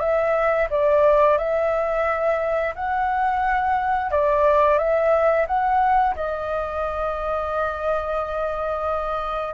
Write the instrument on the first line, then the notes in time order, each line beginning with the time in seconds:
flute
0.00 E5
0.70 D5
1.38 E5
2.75 F#5
4.11 D5
4.78 E5
5.47 F#5
6.15 D#5